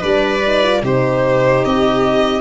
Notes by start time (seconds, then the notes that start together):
0.00 G3 D4 B4 D5
0.46 D#4
0.63 F4
0.82 C3 D#4 G4 C5
1.65 C4 D#5